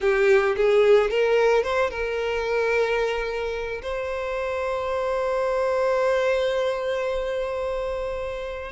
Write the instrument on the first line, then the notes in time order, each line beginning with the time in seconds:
violin
0.00 G4
0.56 G#4
1.10 A#4
1.63 C5
1.90 A#4
3.82 C5